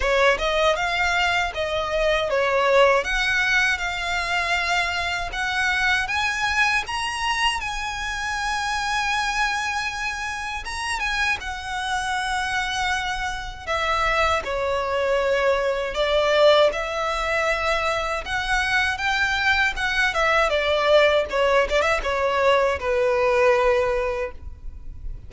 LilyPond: \new Staff \with { instrumentName = "violin" } { \time 4/4 \tempo 4 = 79 cis''8 dis''8 f''4 dis''4 cis''4 | fis''4 f''2 fis''4 | gis''4 ais''4 gis''2~ | gis''2 ais''8 gis''8 fis''4~ |
fis''2 e''4 cis''4~ | cis''4 d''4 e''2 | fis''4 g''4 fis''8 e''8 d''4 | cis''8 d''16 e''16 cis''4 b'2 | }